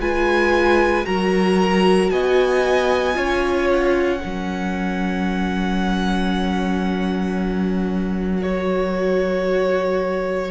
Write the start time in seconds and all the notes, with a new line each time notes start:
0.00 G#3 F4 B4 G#5
1.05 F#3 F#4 A#4 A#5
2.10 B3 D#5 G#5
3.14 C#4 F4 C#5
3.71 F#5
4.20 F#3 C#4 A#4
8.43 F#4 C#5